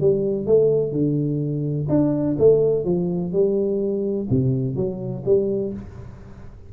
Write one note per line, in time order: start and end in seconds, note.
0.00 0.46 G3
0.46 0.92 A3
0.92 1.87 D3
1.89 2.37 D4
2.39 2.85 A3
2.85 3.32 F3
3.33 4.28 G3
4.30 4.76 C3
4.76 5.23 F#3
5.25 5.73 G3